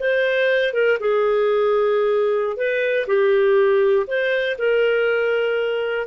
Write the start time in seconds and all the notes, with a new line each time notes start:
0.00 C5
0.74 A#4
1.00 G#4
2.57 B4
3.07 G4
4.08 C5
4.59 A#4